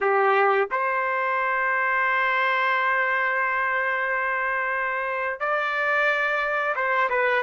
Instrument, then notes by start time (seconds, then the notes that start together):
trumpet
0.00 G4
0.71 C5
5.40 D5
6.75 C5
7.09 B4